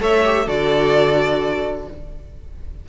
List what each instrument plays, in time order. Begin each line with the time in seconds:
0.00 cello A3, viola A4, violin C#5 E5
0.25 viola G4
0.46 cello D3, viola F#4, violin A4 D5